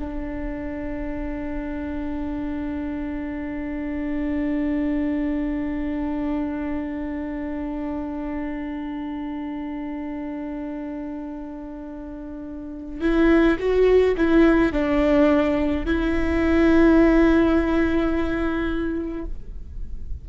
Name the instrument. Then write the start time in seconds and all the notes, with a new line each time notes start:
viola
0.00 D4
13.01 E4
13.60 F#4
14.17 E4
14.73 D4
15.86 E4